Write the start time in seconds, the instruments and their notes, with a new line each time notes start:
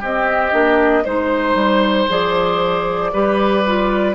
0.00 bassoon C4, clarinet C4, oboe G4, flute D#5
0.51 bassoon A#3, clarinet D4
1.04 bassoon G#3, clarinet D#4, oboe C5, flute C5
1.54 bassoon G3
2.09 bassoon F3, clarinet G#4, flute D5
3.12 bassoon G3, clarinet G4, oboe B4
3.67 clarinet F4